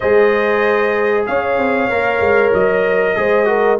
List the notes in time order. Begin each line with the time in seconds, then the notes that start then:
0.00 G#3 G#4 C5 D#5
1.26 C#4 C#5 F5
1.58 C4
1.89 A#3 A#4
2.20 G#3
2.53 F#3 D#5
3.16 G#3 G#4 C5
3.45 F#4 A#4